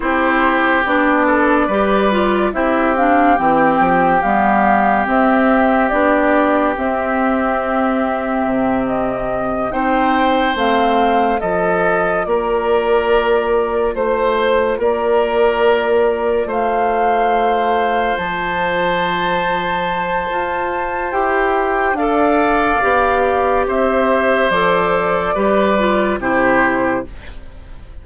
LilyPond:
<<
  \new Staff \with { instrumentName = "flute" } { \time 4/4 \tempo 4 = 71 c''4 d''2 e''8 f''8 | g''4 f''4 e''4 d''4 | e''2~ e''8 dis''4 g''8~ | g''8 f''4 dis''4 d''4.~ |
d''8 c''4 d''2 f''8~ | f''4. a''2~ a''8~ | a''4 g''4 f''2 | e''4 d''2 c''4 | }
  \new Staff \with { instrumentName = "oboe" } { \time 4/4 g'4. a'8 b'4 g'4~ | g'1~ | g'2.~ g'8 c''8~ | c''4. a'4 ais'4.~ |
ais'8 c''4 ais'2 c''8~ | c''1~ | c''2 d''2 | c''2 b'4 g'4 | }
  \new Staff \with { instrumentName = "clarinet" } { \time 4/4 e'4 d'4 g'8 f'8 e'8 d'8 | c'4 b4 c'4 d'4 | c'2.~ c'8 dis'8~ | dis'8 c'4 f'2~ f'8~ |
f'1~ | f'1~ | f'4 g'4 a'4 g'4~ | g'4 a'4 g'8 f'8 e'4 | }
  \new Staff \with { instrumentName = "bassoon" } { \time 4/4 c'4 b4 g4 c'4 | e8 f8 g4 c'4 b4 | c'2 c4. c'8~ | c'8 a4 f4 ais4.~ |
ais8 a4 ais2 a8~ | a4. f2~ f8 | f'4 e'4 d'4 b4 | c'4 f4 g4 c4 | }
>>